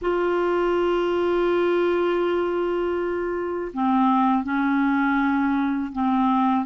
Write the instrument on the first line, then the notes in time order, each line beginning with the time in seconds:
clarinet
0.01 F4
3.73 C4
4.43 C#4
5.92 C4